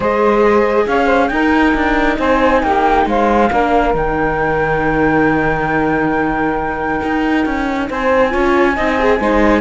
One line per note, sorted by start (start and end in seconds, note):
0.00 0.86 G#3
0.00 1.31 G#4
0.00 0.86 C5
0.00 0.86 D#5
0.86 1.30 C#4
0.86 1.05 C#5
0.86 1.27 F5
1.05 1.27 C5
1.27 1.74 D#4
1.27 3.50 D#4
1.27 2.18 A#4
1.27 2.15 G5
1.74 2.18 D4
2.18 2.62 C4
2.18 2.62 C5
2.18 2.63 G#5
2.62 3.05 A#3
2.62 3.07 G4
2.62 3.07 G5
3.05 3.49 G#3
3.05 3.50 C5
3.05 3.96 F5
3.50 3.94 A#3
3.50 3.93 D4
3.50 7.88 A#4
3.93 7.00 D#3
3.93 8.30 D#4
3.93 7.90 G5
7.03 7.45 D#4
7.45 7.89 C#4
7.89 8.34 C4
7.89 8.30 C5
7.89 9.61 G#5
8.30 8.77 C#4
8.30 8.73 F4
8.30 8.74 C#5
8.75 9.19 C4
8.75 8.98 D#4
8.75 9.19 D#5
8.98 9.20 G#4
9.19 9.61 G#3
9.19 9.61 D#4
9.19 9.61 C5